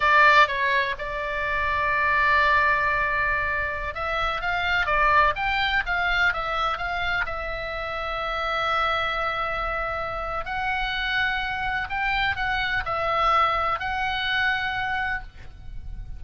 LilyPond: \new Staff \with { instrumentName = "oboe" } { \time 4/4 \tempo 4 = 126 d''4 cis''4 d''2~ | d''1~ | d''16 e''4 f''4 d''4 g''8.~ | g''16 f''4 e''4 f''4 e''8.~ |
e''1~ | e''2 fis''2~ | fis''4 g''4 fis''4 e''4~ | e''4 fis''2. | }